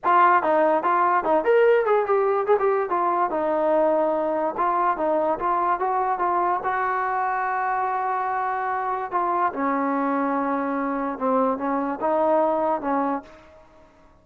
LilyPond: \new Staff \with { instrumentName = "trombone" } { \time 4/4 \tempo 4 = 145 f'4 dis'4 f'4 dis'8 ais'8~ | ais'8 gis'8 g'4 gis'16 g'8. f'4 | dis'2. f'4 | dis'4 f'4 fis'4 f'4 |
fis'1~ | fis'2 f'4 cis'4~ | cis'2. c'4 | cis'4 dis'2 cis'4 | }